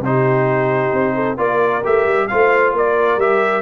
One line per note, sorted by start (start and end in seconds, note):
0.00 0.90 C3
0.00 1.37 D#4
0.00 1.15 G4
0.00 1.38 C5
0.92 1.37 C4
1.15 1.37 A4
1.37 1.83 A#3
1.37 1.82 F4
1.37 2.28 A#4
1.37 1.84 D5
1.84 2.05 A3
1.84 2.29 G4
1.84 2.28 E5
2.05 2.28 G3
2.28 2.73 A3
2.28 3.20 F4
2.28 2.75 C5
2.28 2.73 F5
2.73 3.17 A#3
2.73 3.62 A#4
2.73 3.20 D5
3.17 3.62 G3
3.17 3.62 G4
3.17 3.62 E5